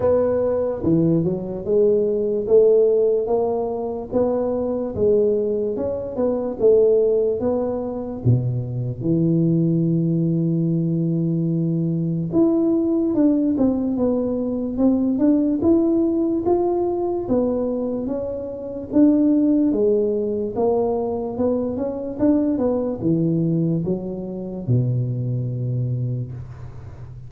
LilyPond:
\new Staff \with { instrumentName = "tuba" } { \time 4/4 \tempo 4 = 73 b4 e8 fis8 gis4 a4 | ais4 b4 gis4 cis'8 b8 | a4 b4 b,4 e4~ | e2. e'4 |
d'8 c'8 b4 c'8 d'8 e'4 | f'4 b4 cis'4 d'4 | gis4 ais4 b8 cis'8 d'8 b8 | e4 fis4 b,2 | }